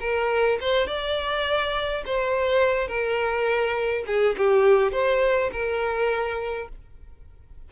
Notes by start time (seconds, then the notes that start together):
0.00 A#4
0.60 C5
0.87 D5
2.05 C5
2.87 A#4
4.06 G#4
4.37 G4
4.92 C5
5.52 A#4